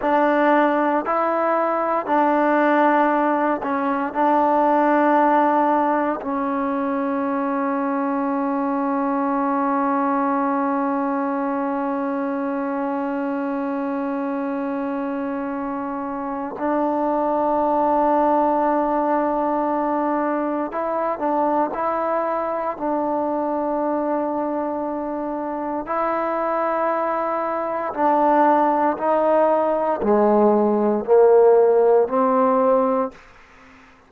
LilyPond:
\new Staff \with { instrumentName = "trombone" } { \time 4/4 \tempo 4 = 58 d'4 e'4 d'4. cis'8 | d'2 cis'2~ | cis'1~ | cis'1 |
d'1 | e'8 d'8 e'4 d'2~ | d'4 e'2 d'4 | dis'4 gis4 ais4 c'4 | }